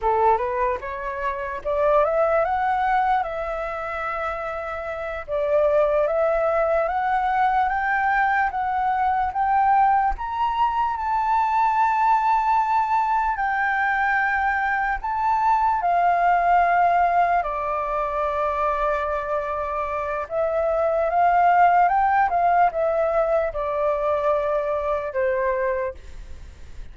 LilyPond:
\new Staff \with { instrumentName = "flute" } { \time 4/4 \tempo 4 = 74 a'8 b'8 cis''4 d''8 e''8 fis''4 | e''2~ e''8 d''4 e''8~ | e''8 fis''4 g''4 fis''4 g''8~ | g''8 ais''4 a''2~ a''8~ |
a''8 g''2 a''4 f''8~ | f''4. d''2~ d''8~ | d''4 e''4 f''4 g''8 f''8 | e''4 d''2 c''4 | }